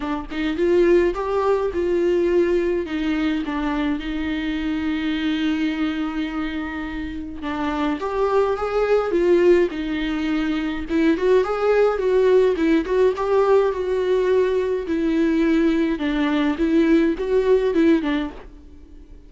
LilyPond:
\new Staff \with { instrumentName = "viola" } { \time 4/4 \tempo 4 = 105 d'8 dis'8 f'4 g'4 f'4~ | f'4 dis'4 d'4 dis'4~ | dis'1~ | dis'4 d'4 g'4 gis'4 |
f'4 dis'2 e'8 fis'8 | gis'4 fis'4 e'8 fis'8 g'4 | fis'2 e'2 | d'4 e'4 fis'4 e'8 d'8 | }